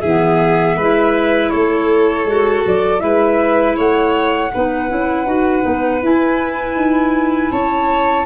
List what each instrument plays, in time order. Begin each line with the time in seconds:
0.00 tuba E3, violin G#4, flute E5
0.06 clarinet B3
0.76 tuba G#3, clarinet E4, violin B4
1.49 tuba A3, violin A4, flute C#5
2.25 tuba G#3, clarinet F#4
2.66 tuba F#3, flute D5
2.99 tuba G#3, clarinet E4, violin B4, flute E5
3.76 tuba A3, violin C#5, flute F#5
4.53 tuba B3, clarinet D#4, violin B4
4.89 tuba C#4, clarinet E4
5.25 tuba D#4, clarinet F#4
5.62 tuba B3, clarinet D#4
6.02 tuba E4, clarinet E4, flute G#5
6.75 tuba D#4
7.51 tuba C#4, violin C#5, flute A5